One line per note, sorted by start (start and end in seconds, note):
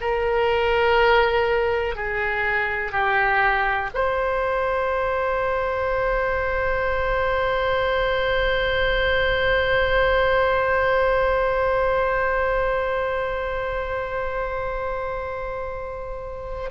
0.00 1.95 A#4
1.95 2.91 G#4
2.91 3.89 G4
3.94 16.70 C5